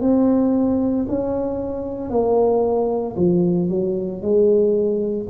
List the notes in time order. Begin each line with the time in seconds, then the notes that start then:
0.00 C4
1.08 C#4
2.10 A#3
3.16 F3
3.69 F#3
4.22 G#3